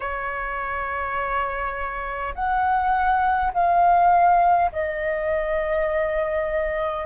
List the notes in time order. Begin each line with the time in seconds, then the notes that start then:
0.00 C#5
2.34 F#5
3.53 F5
4.72 D#5